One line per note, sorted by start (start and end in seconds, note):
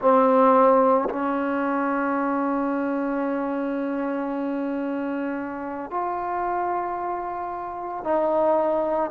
0.01 1.08 C4
1.10 5.90 C#4
5.90 8.04 F4
8.04 9.11 D#4